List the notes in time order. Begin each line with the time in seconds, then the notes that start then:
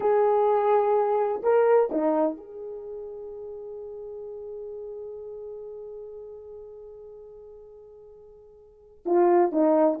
0.00 G#4
1.43 A#4
1.91 D#4
2.37 G#4
9.05 F4
9.52 D#4